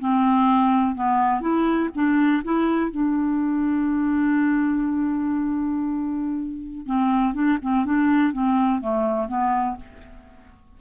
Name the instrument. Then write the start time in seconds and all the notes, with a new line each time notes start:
clarinet
0.00 C4
0.96 B3
1.41 E4
1.95 D4
2.44 E4
2.91 D4
6.86 C4
7.34 D4
7.63 C4
7.86 D4
8.33 C4
8.82 A3
9.28 B3